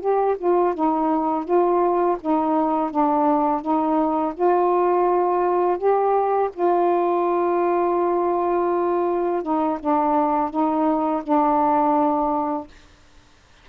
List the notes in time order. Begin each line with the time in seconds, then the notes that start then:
0.00 G4
0.37 F4
0.74 D#4
1.44 F4
2.20 D#4
2.90 D4
3.61 D#4
4.34 F4
5.77 G4
6.53 F4
9.42 D#4
9.80 D4
10.50 D#4
11.22 D4